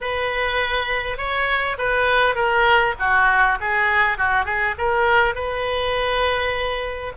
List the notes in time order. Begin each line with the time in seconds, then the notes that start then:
0.00 B4
1.17 C#5
1.78 B4
2.35 A#4
2.99 F#4
3.60 G#4
4.17 F#4
4.45 G#4
4.77 A#4
5.34 B4